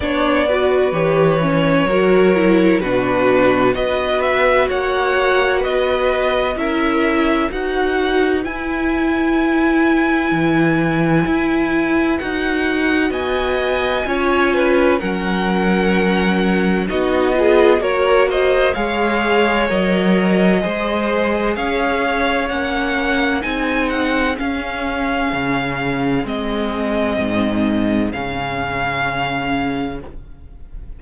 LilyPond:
<<
  \new Staff \with { instrumentName = "violin" } { \time 4/4 \tempo 4 = 64 d''4 cis''2 b'4 | dis''8 e''8 fis''4 dis''4 e''4 | fis''4 gis''2.~ | gis''4 fis''4 gis''2 |
fis''2 dis''4 cis''8 dis''8 | f''4 dis''2 f''4 | fis''4 gis''8 fis''8 f''2 | dis''2 f''2 | }
  \new Staff \with { instrumentName = "violin" } { \time 4/4 cis''8 b'4. ais'4 fis'4 | b'4 cis''4 b'4 ais'4 | b'1~ | b'2 dis''4 cis''8 b'8 |
ais'2 fis'8 gis'8 ais'8 c''8 | cis''2 c''4 cis''4~ | cis''4 gis'2.~ | gis'1 | }
  \new Staff \with { instrumentName = "viola" } { \time 4/4 d'8 fis'8 g'8 cis'8 fis'8 e'8 d'4 | fis'2. e'4 | fis'4 e'2.~ | e'4 fis'2 f'4 |
cis'2 dis'8 f'8 fis'4 | gis'4 ais'4 gis'2 | cis'4 dis'4 cis'2 | c'2 cis'2 | }
  \new Staff \with { instrumentName = "cello" } { \time 4/4 b4 e4 fis4 b,4 | b4 ais4 b4 cis'4 | dis'4 e'2 e4 | e'4 dis'4 b4 cis'4 |
fis2 b4 ais4 | gis4 fis4 gis4 cis'4 | ais4 c'4 cis'4 cis4 | gis4 gis,4 cis2 | }
>>